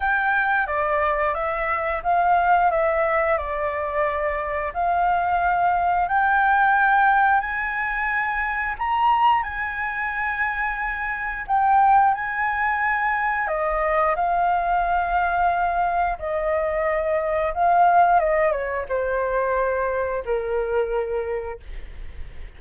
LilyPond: \new Staff \with { instrumentName = "flute" } { \time 4/4 \tempo 4 = 89 g''4 d''4 e''4 f''4 | e''4 d''2 f''4~ | f''4 g''2 gis''4~ | gis''4 ais''4 gis''2~ |
gis''4 g''4 gis''2 | dis''4 f''2. | dis''2 f''4 dis''8 cis''8 | c''2 ais'2 | }